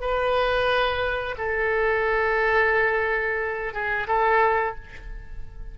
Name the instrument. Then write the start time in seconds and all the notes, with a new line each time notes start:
oboe
0.00 B4
1.38 A4
3.73 G#4
4.07 A4